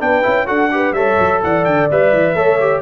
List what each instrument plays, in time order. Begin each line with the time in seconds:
0.00 tuba B3, trombone D4, horn B4, trumpet G5
0.23 tuba C#4, trombone E4
0.46 tuba D4, trombone F#4, horn A4, trumpet F#5
0.72 trombone G4, horn B4
0.92 tuba G3, trombone A4, horn C#5, trumpet E5
1.20 tuba F#3
1.44 tuba E3, horn D5, trumpet F#5
1.65 tuba D3, trumpet G5
1.91 tuba G3, trombone B4, trumpet E5
2.13 tuba E3
2.35 tuba A3, trombone A4, horn C#5
2.60 trombone G4